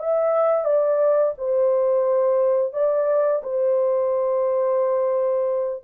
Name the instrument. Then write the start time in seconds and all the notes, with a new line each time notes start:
horn
0.00 E5
0.65 D5
1.38 C5
2.74 D5
3.44 C5